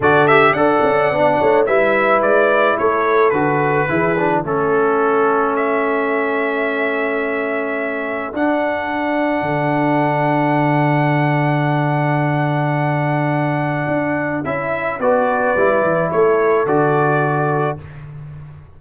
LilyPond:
<<
  \new Staff \with { instrumentName = "trumpet" } { \time 4/4 \tempo 4 = 108 d''8 e''8 fis''2 e''4 | d''4 cis''4 b'2 | a'2 e''2~ | e''2. fis''4~ |
fis''1~ | fis''1~ | fis''2 e''4 d''4~ | d''4 cis''4 d''2 | }
  \new Staff \with { instrumentName = "horn" } { \time 4/4 a'4 d''4. cis''8 b'4~ | b'4 a'2 gis'4 | a'1~ | a'1~ |
a'1~ | a'1~ | a'2. b'4~ | b'4 a'2. | }
  \new Staff \with { instrumentName = "trombone" } { \time 4/4 fis'8 g'8 a'4 d'4 e'4~ | e'2 fis'4 e'8 d'8 | cis'1~ | cis'2. d'4~ |
d'1~ | d'1~ | d'2 e'4 fis'4 | e'2 fis'2 | }
  \new Staff \with { instrumentName = "tuba" } { \time 4/4 d4 d'8 cis'8 b8 a8 g4 | gis4 a4 d4 e4 | a1~ | a2. d'4~ |
d'4 d2.~ | d1~ | d4 d'4 cis'4 b4 | g8 e8 a4 d2 | }
>>